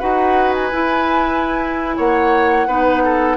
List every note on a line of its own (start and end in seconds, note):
0.00 0.73 D#4
0.00 0.72 F#4
0.00 1.96 B4
0.00 0.54 F#5
0.55 1.97 G#5
0.72 2.69 E4
0.72 1.98 E4
1.97 2.67 A#3
1.97 2.68 C#5
1.97 3.37 F#5
2.67 3.37 B3
2.67 3.37 D#4
2.67 3.03 B4
3.04 3.37 A4